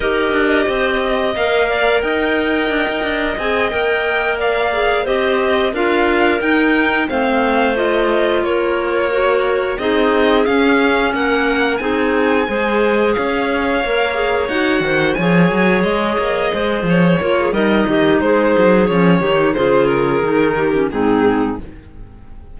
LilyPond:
<<
  \new Staff \with { instrumentName = "violin" } { \time 4/4 \tempo 4 = 89 dis''2 f''4 g''4~ | g''4 gis''8 g''4 f''4 dis''8~ | dis''8 f''4 g''4 f''4 dis''8~ | dis''8 cis''2 dis''4 f''8~ |
f''8 fis''4 gis''2 f''8~ | f''4. fis''4 gis''4 dis''8~ | dis''4 cis''4 dis''4 c''4 | cis''4 c''8 ais'4. gis'4 | }
  \new Staff \with { instrumentName = "clarinet" } { \time 4/4 ais'4 c''8 dis''4 d''8 dis''4~ | dis''2~ dis''8 d''4 c''8~ | c''8 ais'2 c''4.~ | c''8 ais'2 gis'4.~ |
gis'8 ais'4 gis'4 c''4 cis''8~ | cis''2 c''8 cis''4.~ | cis''8 c''4 ais'16 gis'16 ais'8 g'8 gis'4~ | gis'8 g'8 gis'4. g'8 dis'4 | }
  \new Staff \with { instrumentName = "clarinet" } { \time 4/4 g'2 ais'2~ | ais'4 gis'8 ais'4. gis'8 g'8~ | g'8 f'4 dis'4 c'4 f'8~ | f'4. fis'4 dis'4 cis'8~ |
cis'4. dis'4 gis'4.~ | gis'8 ais'8 gis'8 fis'4 gis'4.~ | gis'4. f'8 dis'2 | cis'8 dis'8 f'4 dis'8. cis'16 c'4 | }
  \new Staff \with { instrumentName = "cello" } { \time 4/4 dis'8 d'8 c'4 ais4 dis'4 | d'16 dis'16 d'8 c'8 ais2 c'8~ | c'8 d'4 dis'4 a4.~ | a8 ais2 c'4 cis'8~ |
cis'8 ais4 c'4 gis4 cis'8~ | cis'8 ais4 dis'8 dis8 f8 fis8 gis8 | ais8 gis8 f8 ais8 g8 dis8 gis8 fis8 | f8 dis8 cis4 dis4 gis,4 | }
>>